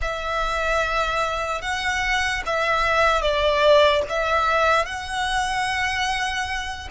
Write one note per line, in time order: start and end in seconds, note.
0.01 1.61 E5
1.61 2.42 F#5
2.45 3.21 E5
3.21 4.02 D5
4.09 4.85 E5
4.85 6.88 F#5